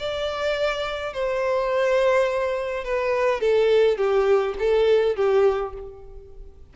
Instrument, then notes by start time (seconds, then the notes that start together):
violin
0.00 D5
1.14 C5
2.85 B4
3.41 A4
3.98 G4
4.59 A4
5.16 G4